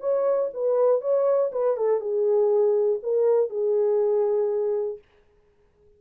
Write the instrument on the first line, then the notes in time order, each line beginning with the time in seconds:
horn
0.00 C#5
0.53 B4
1.01 C#5
1.52 B4
1.77 A4
2.00 G#4
3.03 A#4
3.50 G#4